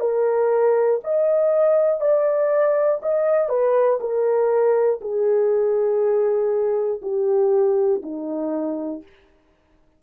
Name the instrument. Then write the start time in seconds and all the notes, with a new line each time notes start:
horn
0.00 A#4
1.04 D#5
2.00 D5
3.02 D#5
3.49 B4
4.00 A#4
5.01 G#4
7.02 G4
8.03 D#4